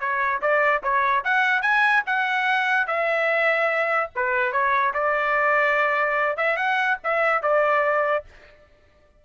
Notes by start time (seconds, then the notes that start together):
0.00 C#5
0.42 D5
0.83 C#5
1.24 F#5
1.62 G#5
2.07 F#5
2.87 E5
4.16 B4
4.52 C#5
4.94 D5
6.37 E5
6.57 F#5
7.04 E5
7.43 D5